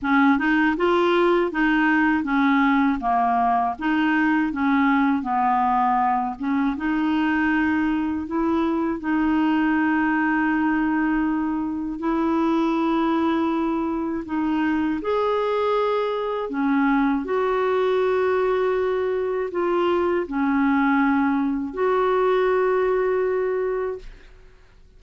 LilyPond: \new Staff \with { instrumentName = "clarinet" } { \time 4/4 \tempo 4 = 80 cis'8 dis'8 f'4 dis'4 cis'4 | ais4 dis'4 cis'4 b4~ | b8 cis'8 dis'2 e'4 | dis'1 |
e'2. dis'4 | gis'2 cis'4 fis'4~ | fis'2 f'4 cis'4~ | cis'4 fis'2. | }